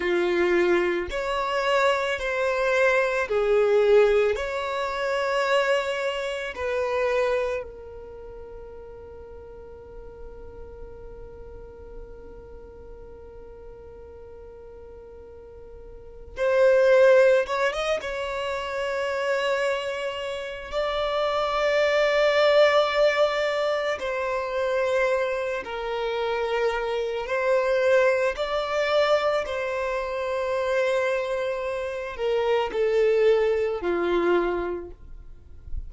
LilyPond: \new Staff \with { instrumentName = "violin" } { \time 4/4 \tempo 4 = 55 f'4 cis''4 c''4 gis'4 | cis''2 b'4 ais'4~ | ais'1~ | ais'2. c''4 |
cis''16 dis''16 cis''2~ cis''8 d''4~ | d''2 c''4. ais'8~ | ais'4 c''4 d''4 c''4~ | c''4. ais'8 a'4 f'4 | }